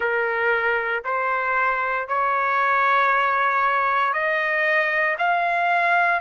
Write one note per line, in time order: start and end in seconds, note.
0.00 1.03 A#4
1.04 2.07 C5
2.07 4.13 C#5
4.13 5.16 D#5
5.18 6.20 F5